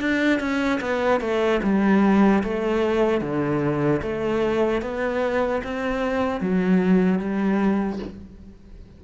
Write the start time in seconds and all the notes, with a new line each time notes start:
0.00 D4
0.40 C#4
0.81 B3
1.20 A3
1.63 G3
2.43 A3
3.21 D3
4.02 A3
4.82 B3
5.64 C4
6.40 F#3
7.19 G3